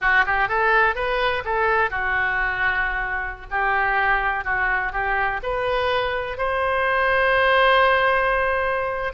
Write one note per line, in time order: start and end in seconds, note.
0.01 0.25 F#4
0.26 0.48 G4
0.48 0.95 A4
0.95 1.43 B4
1.44 1.90 A4
1.90 3.46 F#4
3.50 4.44 G4
4.44 4.92 F#4
4.92 5.40 G4
5.42 6.37 B4
6.37 9.13 C5